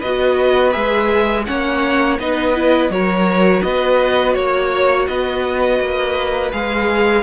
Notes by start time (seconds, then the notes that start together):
0.00 B3 F#4 B4 D#5
0.73 G#3 G#4 E5
1.46 A#3 C#4 C#5 F#5
2.20 B3 D#4 B4 D#5
2.55 E4
2.90 F#3 F#4 A#4 C#5
3.63 B3 B4 D#5
4.34 A#3 C#5
5.08 B3 B4 D#5
5.80 A#3
6.52 G#3 G#4 F5